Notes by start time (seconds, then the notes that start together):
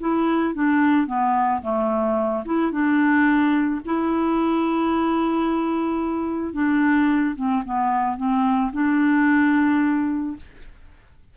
0.00 E4
0.55 D4
1.07 B3
1.62 A3
2.45 E4
2.72 D4
3.86 E4
6.54 D4
7.36 C4
7.65 B3
8.17 C4
8.73 D4